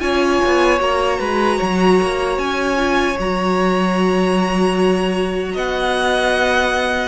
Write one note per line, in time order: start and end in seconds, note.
0.00 0.40 C#4
0.00 0.79 F4
0.00 1.20 C#5
0.00 0.79 G#5
0.46 0.79 B3
0.79 1.19 A#3
0.79 2.76 F#4
0.79 2.38 A#5
1.20 1.59 G#3
1.20 1.58 B4
1.58 2.01 F#3
1.58 5.52 C#5
2.02 2.38 A#3
2.38 3.17 C#4
2.38 3.17 G#5
2.77 3.16 F4
3.19 5.56 F#3
3.19 7.08 F#4
3.19 5.57 A#5
5.54 7.08 B3
5.54 7.08 D#5
5.54 7.08 F#5